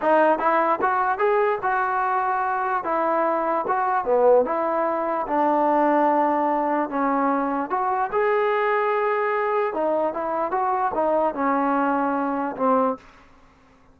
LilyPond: \new Staff \with { instrumentName = "trombone" } { \time 4/4 \tempo 4 = 148 dis'4 e'4 fis'4 gis'4 | fis'2. e'4~ | e'4 fis'4 b4 e'4~ | e'4 d'2.~ |
d'4 cis'2 fis'4 | gis'1 | dis'4 e'4 fis'4 dis'4 | cis'2. c'4 | }